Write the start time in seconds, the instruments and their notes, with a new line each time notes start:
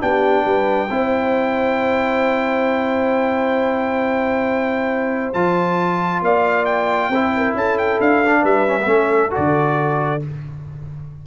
0.00 tuba B3, trombone D4, horn G4, trumpet G5
0.45 tuba G3, horn B4
0.90 tuba C4, trombone E4, horn C5
5.33 tuba F3, trombone F4, trumpet A5
6.22 tuba A#3, horn D5, trumpet F5
6.65 trumpet G5
7.09 tuba C4, trombone E4, horn C5
7.36 horn A#4
7.54 tuba C#4, horn A4, trumpet A5
7.78 trumpet G5
8.01 tuba D4, trumpet F5
8.25 trombone D4
8.41 tuba G3, horn B4, trumpet E5
8.68 trombone C#4
8.80 trombone B3
8.86 tuba A3, trombone C#4, horn A4
9.31 trombone F#4, trumpet D5
9.37 tuba D3